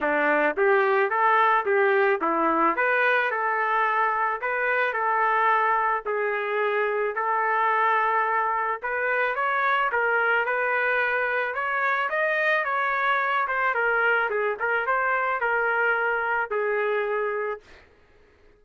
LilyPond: \new Staff \with { instrumentName = "trumpet" } { \time 4/4 \tempo 4 = 109 d'4 g'4 a'4 g'4 | e'4 b'4 a'2 | b'4 a'2 gis'4~ | gis'4 a'2. |
b'4 cis''4 ais'4 b'4~ | b'4 cis''4 dis''4 cis''4~ | cis''8 c''8 ais'4 gis'8 ais'8 c''4 | ais'2 gis'2 | }